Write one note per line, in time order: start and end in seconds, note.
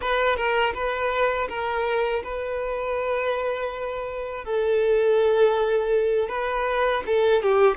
0.01 0.36 B4
0.36 0.73 A#4
0.74 1.48 B4
1.48 2.23 A#4
2.23 4.44 B4
4.44 6.29 A4
6.29 7.03 B4
7.06 7.42 A4
7.42 7.76 G4